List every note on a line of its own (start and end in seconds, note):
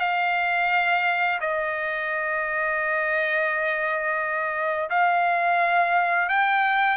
0.00 1.40 F5
1.40 4.89 D#5
4.90 6.29 F5
6.29 6.97 G5